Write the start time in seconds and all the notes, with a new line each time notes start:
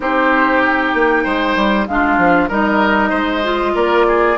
0.00 C4 D#4 G4 C5
0.61 G5
0.94 A#3
1.23 G#3 C5
1.56 G3
1.86 G#3 D4 F4 F5
2.17 F3
2.48 G3 D#4 A#4 D#5
3.09 G#3 C5
3.43 F4
3.74 A#3 A#4 D5
4.07 G#4